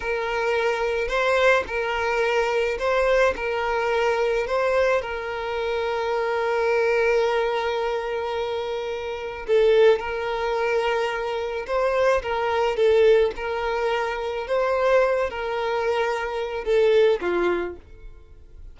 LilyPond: \new Staff \with { instrumentName = "violin" } { \time 4/4 \tempo 4 = 108 ais'2 c''4 ais'4~ | ais'4 c''4 ais'2 | c''4 ais'2.~ | ais'1~ |
ais'4 a'4 ais'2~ | ais'4 c''4 ais'4 a'4 | ais'2 c''4. ais'8~ | ais'2 a'4 f'4 | }